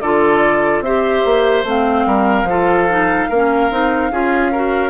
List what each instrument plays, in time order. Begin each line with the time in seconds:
0.00 bassoon D3, clarinet F4, oboe A4, flute D5
0.80 bassoon C4, clarinet G4, oboe C5, flute E5
1.25 bassoon A#3
1.64 bassoon A3, clarinet C4, flute F5
2.06 bassoon G3, oboe A#4
2.43 bassoon F3, clarinet F4, oboe A4
2.89 clarinet D#4
3.29 bassoon A#3, clarinet C#4, oboe A#4
3.70 bassoon C4, clarinet D#4
4.11 bassoon C#4, clarinet F4, oboe G#4
4.52 clarinet F#4, oboe A#4